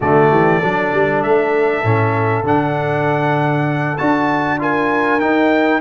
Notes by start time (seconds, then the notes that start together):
0.00 D3 A3 F#4 D5
0.30 E3 G4
0.59 F#3 D4 A4
0.93 G3
1.22 A3 E5
1.83 A2 C#4
2.43 D3 D4 F#5
3.97 D4 F#4 A5
4.58 F4 A#4 G#5
5.20 D#4 G5